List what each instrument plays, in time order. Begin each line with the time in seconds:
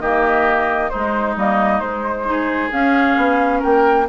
0.00 bassoon D#3, clarinet A#3, oboe G4, flute D#5
0.90 clarinet G#3, bassoon G#3, oboe D#4, flute C5
1.37 bassoon G3, clarinet A#3, flute D#5
1.80 bassoon G#3, clarinet G#3, flute C5
2.26 clarinet D#4, oboe G#4
2.72 clarinet C#4, bassoon C#4, flute F5
3.17 bassoon B3
3.60 bassoon A#3, oboe A#4, flute G5